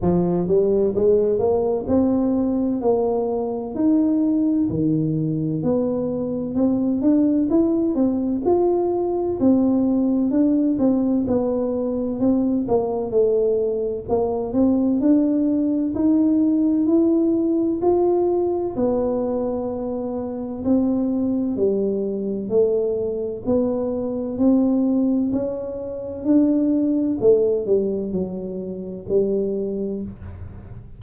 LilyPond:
\new Staff \with { instrumentName = "tuba" } { \time 4/4 \tempo 4 = 64 f8 g8 gis8 ais8 c'4 ais4 | dis'4 dis4 b4 c'8 d'8 | e'8 c'8 f'4 c'4 d'8 c'8 | b4 c'8 ais8 a4 ais8 c'8 |
d'4 dis'4 e'4 f'4 | b2 c'4 g4 | a4 b4 c'4 cis'4 | d'4 a8 g8 fis4 g4 | }